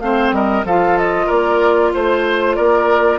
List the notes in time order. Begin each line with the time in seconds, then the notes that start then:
0.00 A3 C4 C5 F5
0.32 G3 A#4 D#5
0.64 F3 F4 A4 F5
0.98 D#5
1.27 A#3 A#4 D5
1.94 A3 C5
2.55 A#3 A#4 D5